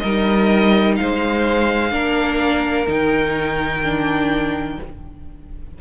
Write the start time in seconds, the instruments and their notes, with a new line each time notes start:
0.00 cello G3, viola D#4, violin A#4 D#5
0.97 cello G#3, violin C5 F5
1.91 cello A#3, viola D4, violin A#4
2.88 cello D#3, viola D#4, violin G5
3.84 viola D4